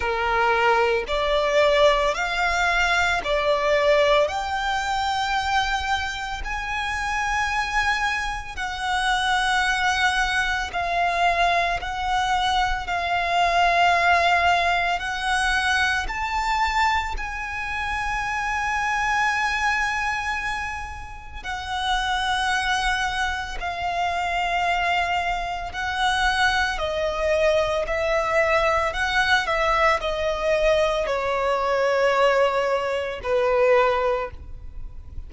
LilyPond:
\new Staff \with { instrumentName = "violin" } { \time 4/4 \tempo 4 = 56 ais'4 d''4 f''4 d''4 | g''2 gis''2 | fis''2 f''4 fis''4 | f''2 fis''4 a''4 |
gis''1 | fis''2 f''2 | fis''4 dis''4 e''4 fis''8 e''8 | dis''4 cis''2 b'4 | }